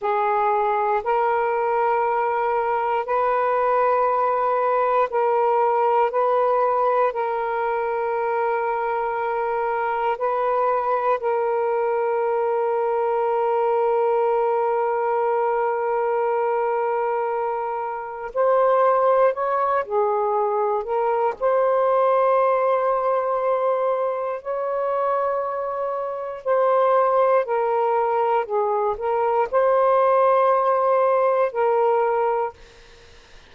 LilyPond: \new Staff \with { instrumentName = "saxophone" } { \time 4/4 \tempo 4 = 59 gis'4 ais'2 b'4~ | b'4 ais'4 b'4 ais'4~ | ais'2 b'4 ais'4~ | ais'1~ |
ais'2 c''4 cis''8 gis'8~ | gis'8 ais'8 c''2. | cis''2 c''4 ais'4 | gis'8 ais'8 c''2 ais'4 | }